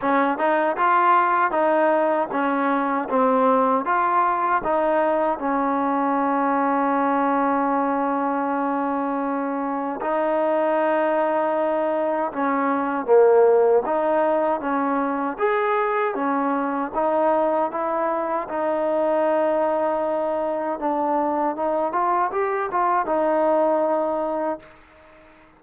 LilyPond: \new Staff \with { instrumentName = "trombone" } { \time 4/4 \tempo 4 = 78 cis'8 dis'8 f'4 dis'4 cis'4 | c'4 f'4 dis'4 cis'4~ | cis'1~ | cis'4 dis'2. |
cis'4 ais4 dis'4 cis'4 | gis'4 cis'4 dis'4 e'4 | dis'2. d'4 | dis'8 f'8 g'8 f'8 dis'2 | }